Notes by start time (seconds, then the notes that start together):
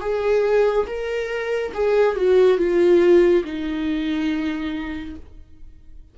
0.00 G#4
0.86 A#4
1.73 G#4
2.15 F#4
2.58 F4
3.44 D#4